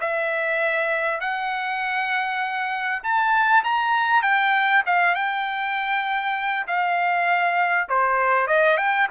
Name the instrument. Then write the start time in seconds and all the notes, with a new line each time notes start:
trumpet
0.00 E5
1.20 F#5
3.03 A5
3.63 A#5
4.22 G5
4.85 F5
5.15 G5
6.67 F5
7.88 C5
8.47 D#5
8.77 G5